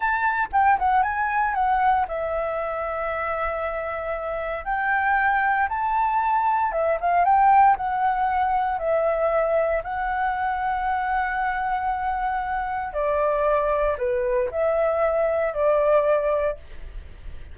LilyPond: \new Staff \with { instrumentName = "flute" } { \time 4/4 \tempo 4 = 116 a''4 g''8 fis''8 gis''4 fis''4 | e''1~ | e''4 g''2 a''4~ | a''4 e''8 f''8 g''4 fis''4~ |
fis''4 e''2 fis''4~ | fis''1~ | fis''4 d''2 b'4 | e''2 d''2 | }